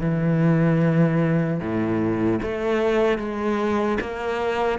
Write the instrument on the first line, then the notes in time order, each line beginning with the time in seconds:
cello
0.00 E3
1.60 A2
2.42 A3
3.18 G#3
4.01 A#3